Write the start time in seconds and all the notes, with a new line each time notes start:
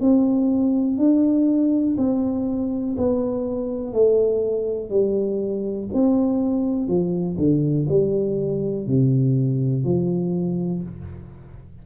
0.00 C4
0.97 D4
1.98 C4
2.97 B3
3.93 A3
4.90 G3
5.94 C4
6.88 F3
7.38 D3
7.88 G3
8.87 C3
9.85 F3